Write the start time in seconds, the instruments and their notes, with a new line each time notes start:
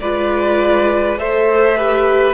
0.00 cello G#3, viola F4, violin B4 D5
1.18 cello A3, viola A4, violin C5 E5
1.77 viola G4, violin B4